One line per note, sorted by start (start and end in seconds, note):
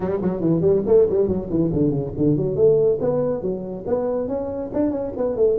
0.00 0.20 G3
0.21 0.40 F#3
0.40 0.61 E3
0.61 0.82 G3
0.86 1.08 A3
1.10 1.27 G3
1.27 1.49 F#3
1.49 1.71 E3
1.72 1.90 D3
1.90 2.12 C#3
2.17 2.36 D3
2.36 2.56 F#3
2.56 2.98 A3
3.00 3.42 B3
3.42 3.85 F#3
3.86 4.28 B3
4.28 4.70 C#4
4.73 4.90 D4
4.90 5.12 C#4
5.16 5.36 B3
5.36 5.57 A3